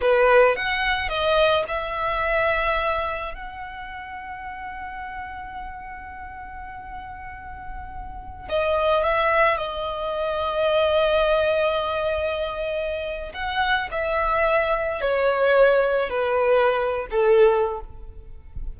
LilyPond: \new Staff \with { instrumentName = "violin" } { \time 4/4 \tempo 4 = 108 b'4 fis''4 dis''4 e''4~ | e''2 fis''2~ | fis''1~ | fis''2.~ fis''16 dis''8.~ |
dis''16 e''4 dis''2~ dis''8.~ | dis''1 | fis''4 e''2 cis''4~ | cis''4 b'4.~ b'16 a'4~ a'16 | }